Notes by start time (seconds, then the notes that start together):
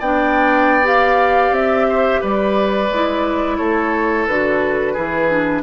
0.00 B3 D4 D5 G5
0.84 G4 F5
1.51 C4 E5
1.89 C5
2.21 G3 B4 D5
2.91 G#3 E4
3.58 A3 A4 C#5
4.27 D3 F#4 B4
4.94 E3 E4 G#4
5.31 D4